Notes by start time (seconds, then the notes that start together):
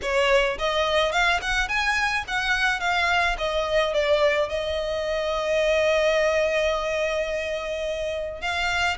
0.02 C#5
0.58 D#5
1.12 F5
1.41 F#5
1.68 G#5
2.27 F#5
2.80 F5
3.38 D#5
3.93 D5
4.49 D#5
8.41 F5